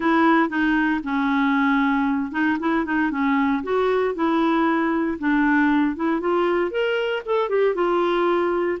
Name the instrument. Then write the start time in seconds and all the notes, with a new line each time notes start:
clarinet
0.00 E4
0.49 D#4
1.03 C#4
2.31 D#4
2.59 E4
2.85 D#4
3.11 C#4
3.63 F#4
4.14 E4
5.18 D4
5.96 E4
6.20 F4
6.71 A#4
7.25 A4
7.49 G4
7.74 F4